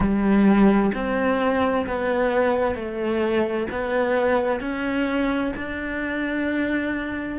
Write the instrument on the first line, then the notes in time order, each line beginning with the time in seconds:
cello
0.00 G3
0.94 C4
1.86 B3
2.74 A3
3.71 B3
4.60 C#4
5.56 D4